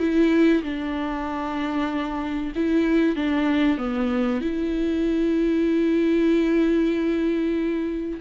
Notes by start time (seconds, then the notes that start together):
0.00 E4
0.63 D4
2.56 E4
3.16 D4
3.78 B3
4.42 E4